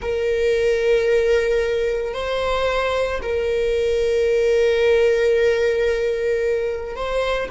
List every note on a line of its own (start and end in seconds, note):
0.01 2.14 A#4
2.14 3.21 C5
3.22 6.95 A#4
6.95 7.49 C5